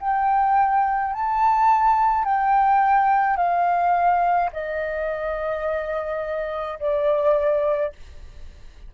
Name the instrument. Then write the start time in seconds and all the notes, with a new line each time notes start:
flute
0.00 G5
1.13 A5
2.24 G5
3.37 F5
4.52 D#5
6.79 D5